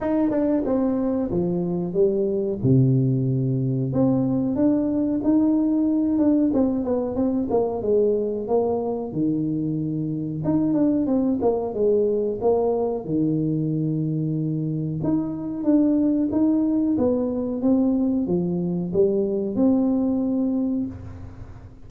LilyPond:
\new Staff \with { instrumentName = "tuba" } { \time 4/4 \tempo 4 = 92 dis'8 d'8 c'4 f4 g4 | c2 c'4 d'4 | dis'4. d'8 c'8 b8 c'8 ais8 | gis4 ais4 dis2 |
dis'8 d'8 c'8 ais8 gis4 ais4 | dis2. dis'4 | d'4 dis'4 b4 c'4 | f4 g4 c'2 | }